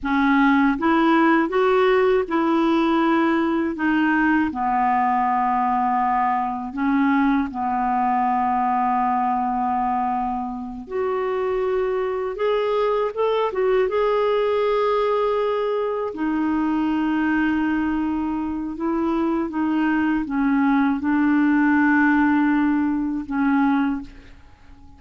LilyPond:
\new Staff \with { instrumentName = "clarinet" } { \time 4/4 \tempo 4 = 80 cis'4 e'4 fis'4 e'4~ | e'4 dis'4 b2~ | b4 cis'4 b2~ | b2~ b8 fis'4.~ |
fis'8 gis'4 a'8 fis'8 gis'4.~ | gis'4. dis'2~ dis'8~ | dis'4 e'4 dis'4 cis'4 | d'2. cis'4 | }